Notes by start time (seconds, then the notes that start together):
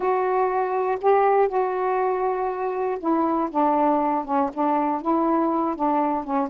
0.00 F#4
1.01 G4
1.48 F#4
2.99 E4
3.50 D4
4.25 C#4
4.53 D4
5.01 E4
5.75 D4
6.23 C#4